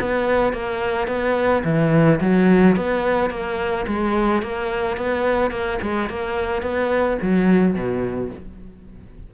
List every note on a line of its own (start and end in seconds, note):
0.00 0.53 B3
0.53 1.07 A#3
1.07 1.63 B3
1.64 2.20 E3
2.20 2.76 F#3
2.76 3.30 B3
3.30 3.86 A#3
3.87 4.42 G#3
4.42 4.97 A#3
4.97 5.51 B3
5.51 5.79 A#3
5.82 6.09 G#3
6.09 6.62 A#3
6.62 7.18 B3
7.22 7.74 F#3
7.74 8.30 B2